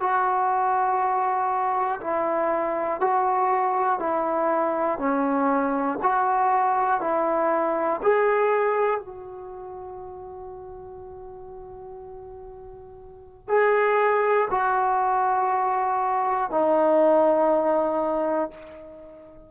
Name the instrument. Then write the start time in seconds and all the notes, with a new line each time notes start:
trombone
0.00 F#4
2.01 E4
3.01 F#4
3.99 E4
4.99 C#4
6.03 F#4
7.01 E4
8.03 G#4
9.00 F#4
13.48 G#4
14.50 F#4
16.50 D#4